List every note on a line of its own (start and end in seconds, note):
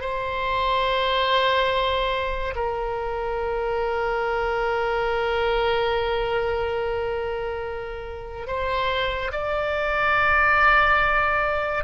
0.00 2.54 C5
2.55 8.47 A#4
8.47 9.31 C5
9.31 11.84 D5